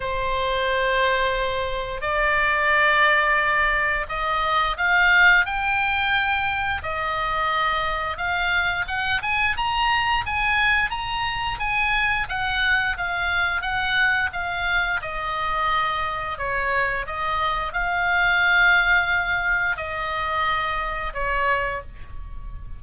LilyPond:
\new Staff \with { instrumentName = "oboe" } { \time 4/4 \tempo 4 = 88 c''2. d''4~ | d''2 dis''4 f''4 | g''2 dis''2 | f''4 fis''8 gis''8 ais''4 gis''4 |
ais''4 gis''4 fis''4 f''4 | fis''4 f''4 dis''2 | cis''4 dis''4 f''2~ | f''4 dis''2 cis''4 | }